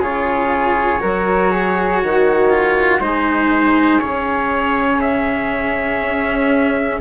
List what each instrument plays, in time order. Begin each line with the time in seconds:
0.00 bassoon C#3, cello F4, flute G#4, trumpet C#5
1.00 bassoon F#3, cello F#4, flute A#4
1.51 flute G#4
2.03 bassoon D#3, flute F#4
2.50 cello F4
3.00 bassoon G#3, cello D#4, flute G#4, trumpet C5
4.00 bassoon C#3, cello C#4, trumpet C#5
5.01 trumpet E5
6.00 bassoon C#4